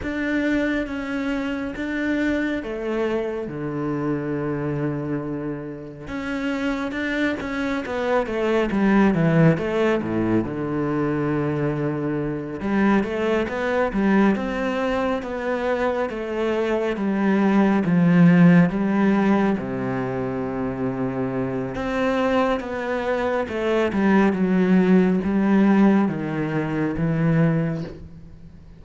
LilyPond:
\new Staff \with { instrumentName = "cello" } { \time 4/4 \tempo 4 = 69 d'4 cis'4 d'4 a4 | d2. cis'4 | d'8 cis'8 b8 a8 g8 e8 a8 a,8 | d2~ d8 g8 a8 b8 |
g8 c'4 b4 a4 g8~ | g8 f4 g4 c4.~ | c4 c'4 b4 a8 g8 | fis4 g4 dis4 e4 | }